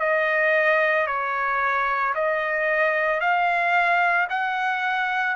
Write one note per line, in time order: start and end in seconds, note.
0.00 1.07 D#5
1.07 2.14 C#5
2.15 3.20 D#5
3.20 4.28 F5
4.30 5.36 F#5